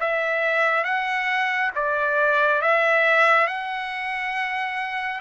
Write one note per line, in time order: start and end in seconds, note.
0.00 0.84 E5
0.84 1.71 F#5
1.75 2.62 D5
2.62 3.47 E5
3.47 5.21 F#5